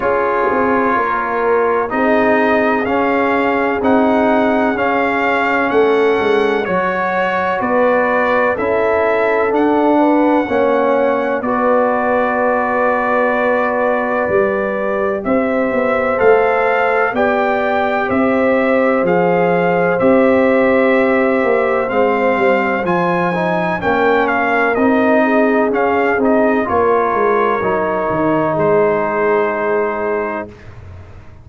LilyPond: <<
  \new Staff \with { instrumentName = "trumpet" } { \time 4/4 \tempo 4 = 63 cis''2 dis''4 f''4 | fis''4 f''4 fis''4 cis''4 | d''4 e''4 fis''2 | d''1 |
e''4 f''4 g''4 e''4 | f''4 e''2 f''4 | gis''4 g''8 f''8 dis''4 f''8 dis''8 | cis''2 c''2 | }
  \new Staff \with { instrumentName = "horn" } { \time 4/4 gis'4 ais'4 gis'2~ | gis'2 a'4 cis''4 | b'4 a'4. b'8 cis''4 | b'1 |
c''2 d''4 c''4~ | c''1~ | c''4 ais'4. gis'4. | ais'2 gis'2 | }
  \new Staff \with { instrumentName = "trombone" } { \time 4/4 f'2 dis'4 cis'4 | dis'4 cis'2 fis'4~ | fis'4 e'4 d'4 cis'4 | fis'2. g'4~ |
g'4 a'4 g'2 | gis'4 g'2 c'4 | f'8 dis'8 cis'4 dis'4 cis'8 dis'8 | f'4 dis'2. | }
  \new Staff \with { instrumentName = "tuba" } { \time 4/4 cis'8 c'8 ais4 c'4 cis'4 | c'4 cis'4 a8 gis8 fis4 | b4 cis'4 d'4 ais4 | b2. g4 |
c'8 b8 a4 b4 c'4 | f4 c'4. ais8 gis8 g8 | f4 ais4 c'4 cis'8 c'8 | ais8 gis8 fis8 dis8 gis2 | }
>>